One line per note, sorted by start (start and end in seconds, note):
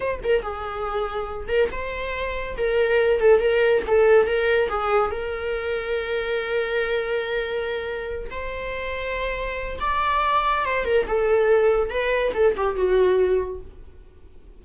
0.00 0.19 C5
0.23 0.42 A#4
0.42 1.48 G#4
1.48 1.69 A#4
1.71 2.56 C5
2.57 3.19 A#4
3.19 3.39 A4
3.39 3.82 A#4
3.87 4.26 A4
4.26 4.68 A#4
4.68 5.10 G#4
5.10 8.29 A#4
8.30 9.79 C5
9.80 10.65 D5
10.65 10.84 C5
10.84 11.06 A#4
11.07 11.90 A4
11.90 12.32 B4
12.34 12.55 A4
12.56 12.75 G4
12.75 13.60 F#4